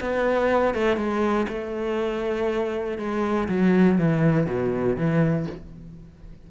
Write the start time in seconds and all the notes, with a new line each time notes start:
0.00 B3
0.74 A3
0.96 G#3
1.48 A3
2.97 G#3
3.48 F#3
3.98 E3
4.46 B2
4.96 E3